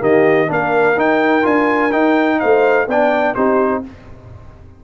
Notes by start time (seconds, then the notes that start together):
0.00 D#3 A#3 G4 D#5
0.48 A#3 D4 A#4 F5
0.97 D#4 G5
1.43 D4 F4 G#5
1.93 D#4 G5
2.40 A3 C5 F5
2.88 B3 D4 D5 G5
3.35 C4 D#4 G4 C5